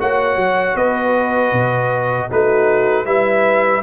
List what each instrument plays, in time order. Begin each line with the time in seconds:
0.00 tuba A#3, trombone F#4, horn C#5, trumpet F#5
0.37 tuba F#3
0.76 tuba B3, horn B4, trumpet D#5
1.53 tuba B2
2.30 tuba A3, trombone D#4, horn F#4, trumpet B4
3.06 tuba G3, trombone E4, horn B4, trumpet E5